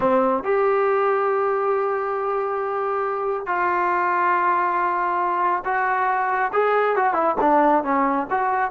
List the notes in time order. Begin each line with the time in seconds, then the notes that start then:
0.00 C4
0.43 G4
3.46 F4
5.64 F#4
6.52 G#4
6.96 F#4
7.13 E4
7.41 D4
7.83 C#4
8.30 F#4